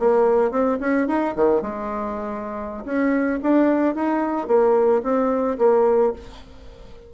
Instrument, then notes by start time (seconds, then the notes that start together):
bassoon
0.00 A#3
0.52 C4
0.81 C#4
1.08 D#4
1.36 D#3
1.62 G#3
2.85 C#4
3.43 D4
3.95 D#4
4.48 A#3
5.04 C4
5.59 A#3